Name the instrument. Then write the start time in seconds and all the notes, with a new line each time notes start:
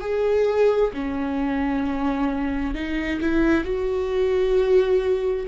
viola
0.00 G#4
0.93 C#4
2.74 D#4
3.20 E4
3.64 F#4